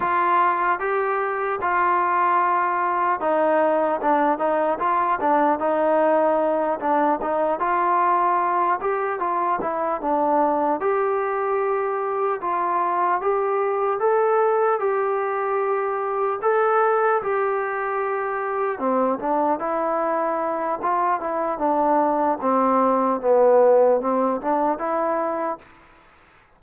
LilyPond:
\new Staff \with { instrumentName = "trombone" } { \time 4/4 \tempo 4 = 75 f'4 g'4 f'2 | dis'4 d'8 dis'8 f'8 d'8 dis'4~ | dis'8 d'8 dis'8 f'4. g'8 f'8 | e'8 d'4 g'2 f'8~ |
f'8 g'4 a'4 g'4.~ | g'8 a'4 g'2 c'8 | d'8 e'4. f'8 e'8 d'4 | c'4 b4 c'8 d'8 e'4 | }